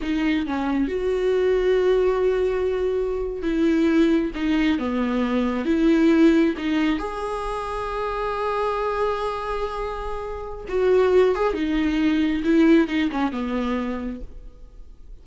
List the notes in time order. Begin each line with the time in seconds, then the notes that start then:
0.01 D#4
0.46 C#4
0.88 F#4
3.42 E4
4.34 D#4
4.78 B3
5.65 E4
6.57 D#4
6.98 G#4
10.68 F#4
11.35 G#4
11.53 D#4
12.44 E4
12.87 D#4
13.11 C#4
13.32 B3